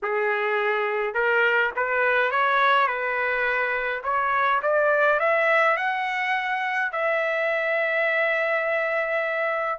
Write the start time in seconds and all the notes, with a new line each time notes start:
0.02 G#4
1.14 A#4
1.75 B4
2.31 C#5
2.87 B4
4.03 C#5
4.62 D5
5.19 E5
5.76 F#5
6.92 E5